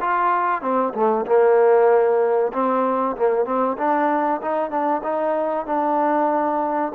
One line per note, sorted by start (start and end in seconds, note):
0.00 0.61 F4
0.61 0.93 C4
0.94 1.25 A3
1.26 2.52 A#3
2.53 3.16 C4
3.16 3.45 A#3
3.45 3.76 C4
3.77 4.40 D4
4.42 4.70 D#4
4.70 5.02 D4
5.03 5.66 D#4
5.66 6.92 D4